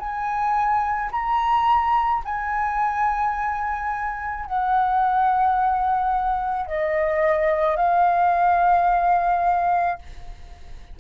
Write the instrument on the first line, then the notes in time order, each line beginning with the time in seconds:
flute
0.00 G#5
1.12 A#5
2.25 G#5
4.46 F#5
6.67 D#5
7.77 F5